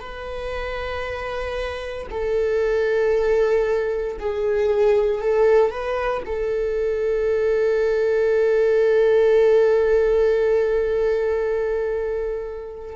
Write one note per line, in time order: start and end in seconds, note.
0.00 2.07 B4
2.11 4.18 A4
4.19 5.21 G#4
5.21 5.71 A4
5.71 6.23 B4
6.25 12.96 A4